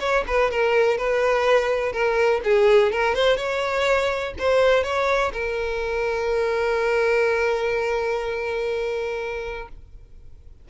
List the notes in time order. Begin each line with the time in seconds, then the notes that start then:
0.00 C#5
0.27 B4
0.51 A#4
0.98 B4
1.92 A#4
2.44 G#4
2.92 A#4
3.15 C5
3.37 C#5
4.39 C5
4.84 C#5
5.33 A#4